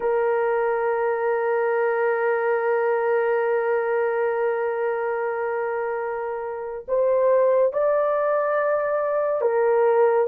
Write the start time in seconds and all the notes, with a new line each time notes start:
0.00 A#4
6.88 C5
7.72 D5
9.41 A#4